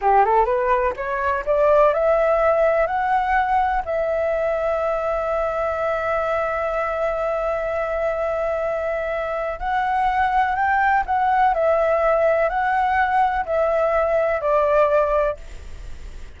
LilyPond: \new Staff \with { instrumentName = "flute" } { \time 4/4 \tempo 4 = 125 g'8 a'8 b'4 cis''4 d''4 | e''2 fis''2 | e''1~ | e''1~ |
e''1 | fis''2 g''4 fis''4 | e''2 fis''2 | e''2 d''2 | }